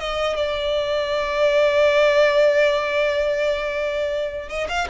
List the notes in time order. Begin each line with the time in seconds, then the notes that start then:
0.00 D#5
0.36 D5
4.49 D#5
4.69 F5